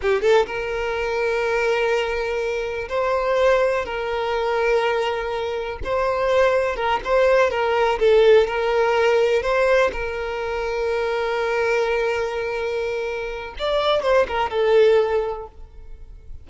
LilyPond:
\new Staff \with { instrumentName = "violin" } { \time 4/4 \tempo 4 = 124 g'8 a'8 ais'2.~ | ais'2 c''2 | ais'1 | c''2 ais'8 c''4 ais'8~ |
ais'8 a'4 ais'2 c''8~ | c''8 ais'2.~ ais'8~ | ais'1 | d''4 c''8 ais'8 a'2 | }